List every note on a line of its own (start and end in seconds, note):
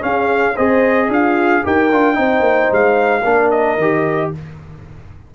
0.00 0.54 C#4
0.00 0.56 C#4
0.00 0.55 G#4
0.00 0.57 F5
0.55 1.08 C4
0.55 1.63 G#4
0.55 1.08 C5
0.55 1.10 D#5
1.08 1.62 D4
1.08 1.63 F4
1.08 1.66 F5
1.63 1.92 D#4
1.63 1.90 G4
1.63 2.18 A#4
1.63 2.74 G5
1.92 2.18 D4
1.92 2.14 F4
2.14 2.40 C4
2.14 3.21 D#4
2.14 3.24 C5
2.40 2.67 A#3
2.72 3.25 G#3
2.72 3.51 F5
3.24 3.77 A#3
3.24 3.78 D4
3.24 4.31 A#4
3.51 4.31 D#5
3.77 4.31 D#3
3.77 4.35 G4